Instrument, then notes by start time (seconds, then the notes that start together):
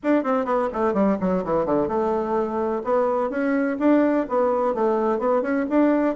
bassoon
0.03 D4
0.23 C4
0.45 B3
0.72 A3
0.93 G3
1.20 F#3
1.44 E3
1.65 D3
1.87 A3
2.83 B3
3.30 C#4
3.79 D4
4.29 B3
4.74 A3
5.18 B3
5.42 C#4
5.69 D4